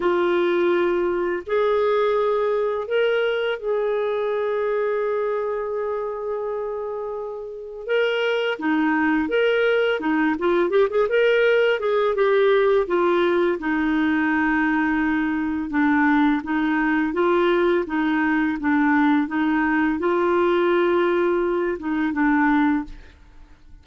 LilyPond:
\new Staff \with { instrumentName = "clarinet" } { \time 4/4 \tempo 4 = 84 f'2 gis'2 | ais'4 gis'2.~ | gis'2. ais'4 | dis'4 ais'4 dis'8 f'8 g'16 gis'16 ais'8~ |
ais'8 gis'8 g'4 f'4 dis'4~ | dis'2 d'4 dis'4 | f'4 dis'4 d'4 dis'4 | f'2~ f'8 dis'8 d'4 | }